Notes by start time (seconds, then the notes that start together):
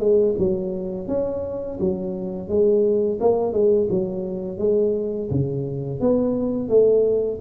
0.00 G#3
0.39 F#3
1.08 C#4
1.80 F#3
2.49 G#3
3.21 A#3
3.53 G#3
3.90 F#3
4.58 G#3
5.31 C#3
6.01 B3
6.69 A3